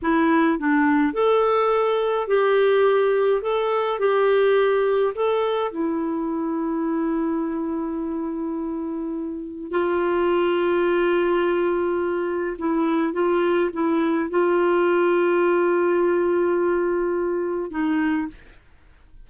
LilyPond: \new Staff \with { instrumentName = "clarinet" } { \time 4/4 \tempo 4 = 105 e'4 d'4 a'2 | g'2 a'4 g'4~ | g'4 a'4 e'2~ | e'1~ |
e'4 f'2.~ | f'2 e'4 f'4 | e'4 f'2.~ | f'2. dis'4 | }